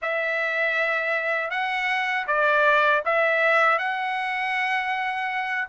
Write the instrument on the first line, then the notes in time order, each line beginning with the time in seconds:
trumpet
0.02 E5
1.50 F#5
2.27 D5
3.05 E5
3.78 F#5